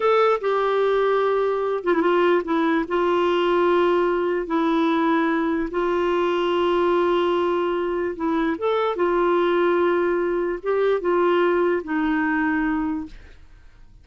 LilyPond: \new Staff \with { instrumentName = "clarinet" } { \time 4/4 \tempo 4 = 147 a'4 g'2.~ | g'8 f'16 e'16 f'4 e'4 f'4~ | f'2. e'4~ | e'2 f'2~ |
f'1 | e'4 a'4 f'2~ | f'2 g'4 f'4~ | f'4 dis'2. | }